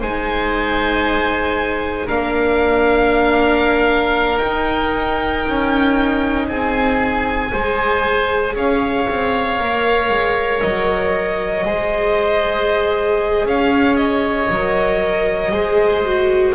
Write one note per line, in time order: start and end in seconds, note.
0.00 2.09 G#3
0.00 2.08 D#4
0.00 2.07 C5
0.00 2.08 G#5
2.07 4.42 A#3
2.07 4.38 D4
2.07 6.47 A#4
2.07 4.39 F5
4.38 7.48 D#4
4.38 5.46 D#4
4.38 6.46 G5
5.47 6.48 C#4
6.48 7.52 C4
6.48 7.52 G#4
6.48 8.55 G#5
7.52 8.56 G#3
7.52 9.59 G#4
7.52 8.55 C5
8.55 9.07 C#4
8.55 11.65 C#5
8.55 10.61 F5
9.09 9.59 C4
9.59 10.09 A#3
9.59 11.64 A#4
10.09 10.61 G#3
10.61 11.65 F#3
10.61 13.46 D#5
11.64 13.45 G#3
11.64 14.49 G#4
11.64 13.48 C5
13.45 14.48 C#4
13.45 15.53 C#5
13.45 13.96 F5
13.96 16.55 D#5
14.50 15.51 F#3
14.50 15.53 A#4
15.51 16.54 G#3
15.51 16.04 G#4
15.51 16.55 C5
16.05 16.55 F#4